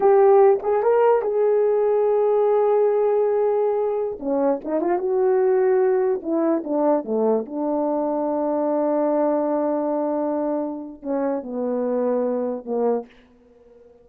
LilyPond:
\new Staff \with { instrumentName = "horn" } { \time 4/4 \tempo 4 = 147 g'4. gis'8 ais'4 gis'4~ | gis'1~ | gis'2~ gis'16 cis'4 dis'8 f'16~ | f'16 fis'2. e'8.~ |
e'16 d'4 a4 d'4.~ d'16~ | d'1~ | d'2. cis'4 | b2. ais4 | }